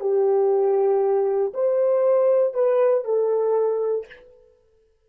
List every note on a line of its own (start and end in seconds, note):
0.00 1.53 G4
1.53 2.54 C5
2.54 3.05 B4
3.05 4.06 A4